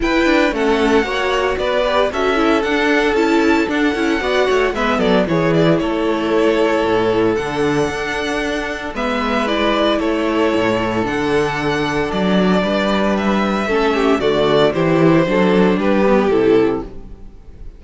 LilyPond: <<
  \new Staff \with { instrumentName = "violin" } { \time 4/4 \tempo 4 = 114 g''4 fis''2 d''4 | e''4 fis''4 a''4 fis''4~ | fis''4 e''8 d''8 cis''8 d''8 cis''4~ | cis''2 fis''2~ |
fis''4 e''4 d''4 cis''4~ | cis''4 fis''2 d''4~ | d''4 e''2 d''4 | c''2 b'4 a'4 | }
  \new Staff \with { instrumentName = "violin" } { \time 4/4 b'4 a'4 cis''4 b'4 | a'1 | d''8 cis''8 b'8 a'8 gis'4 a'4~ | a'1~ |
a'4 b'2 a'4~ | a'1 | b'2 a'8 g'8 fis'4 | g'4 a'4 g'2 | }
  \new Staff \with { instrumentName = "viola" } { \time 4/4 e'4 cis'4 fis'4. g'8 | fis'8 e'8 d'4 e'4 d'8 e'8 | fis'4 b4 e'2~ | e'2 d'2~ |
d'4 b4 e'2~ | e'4 d'2.~ | d'2 cis'4 a4 | e'4 d'4. b8 e'4 | }
  \new Staff \with { instrumentName = "cello" } { \time 4/4 e'8 d'8 a4 ais4 b4 | cis'4 d'4 cis'4 d'8 cis'8 | b8 a8 gis8 fis8 e4 a4~ | a4 a,4 d4 d'4~ |
d'4 gis2 a4 | a,4 d2 fis4 | g2 a4 d4 | e4 fis4 g4 c4 | }
>>